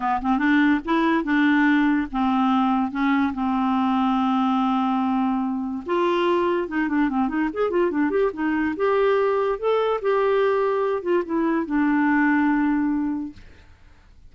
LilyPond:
\new Staff \with { instrumentName = "clarinet" } { \time 4/4 \tempo 4 = 144 b8 c'8 d'4 e'4 d'4~ | d'4 c'2 cis'4 | c'1~ | c'2 f'2 |
dis'8 d'8 c'8 dis'8 gis'8 f'8 d'8 g'8 | dis'4 g'2 a'4 | g'2~ g'8 f'8 e'4 | d'1 | }